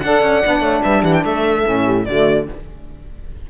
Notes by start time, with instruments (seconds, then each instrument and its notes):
0.00 cello D4, saxophone A4, horn D5, violin F#5
0.22 cello C#4
0.44 cello B3, saxophone D4
0.60 cello A3, horn C#5
0.83 cello G3, horn B4, violin E5
1.01 cello E3, horn G4, violin F#5
1.13 violin G5
1.24 cello A3, horn A4, violin E5
1.64 cello A2, saxophone C#4
1.85 horn G4
2.05 cello D3, saxophone A3, horn F#4, violin D5